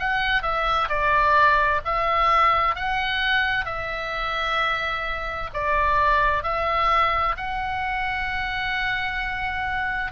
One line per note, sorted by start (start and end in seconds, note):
0.00 0.43 F#5
0.43 0.89 E5
0.89 1.81 D5
1.85 2.76 E5
2.76 3.66 F#5
3.66 5.50 E5
5.54 6.44 D5
6.44 7.36 E5
7.37 10.12 F#5